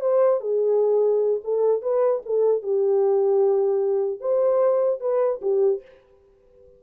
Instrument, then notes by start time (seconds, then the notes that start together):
horn
0.00 C5
0.40 G#4
1.44 A4
1.81 B4
2.25 A4
2.62 G4
4.20 C5
5.00 B4
5.41 G4